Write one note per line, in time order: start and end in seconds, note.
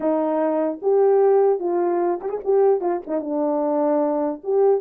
0.00 0.79 D#4
0.82 1.59 G4
1.59 2.20 F4
2.21 2.29 G4
2.29 2.39 G#4
2.43 2.80 G4
2.80 3.00 F4
3.06 3.20 D#4
3.20 4.41 D4
4.43 4.81 G4